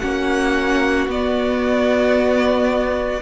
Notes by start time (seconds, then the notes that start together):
0.00 A#3 C#4 F#4 F#5
1.08 B3 D5